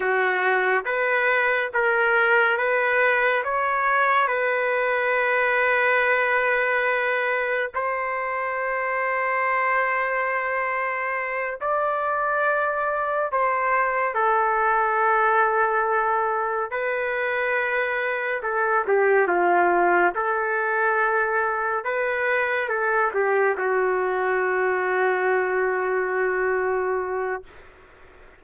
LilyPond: \new Staff \with { instrumentName = "trumpet" } { \time 4/4 \tempo 4 = 70 fis'4 b'4 ais'4 b'4 | cis''4 b'2.~ | b'4 c''2.~ | c''4. d''2 c''8~ |
c''8 a'2. b'8~ | b'4. a'8 g'8 f'4 a'8~ | a'4. b'4 a'8 g'8 fis'8~ | fis'1 | }